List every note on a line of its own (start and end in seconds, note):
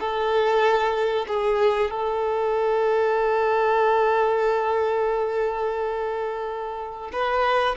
0.00 1.26 A4
1.28 1.90 G#4
1.90 7.11 A4
7.12 7.75 B4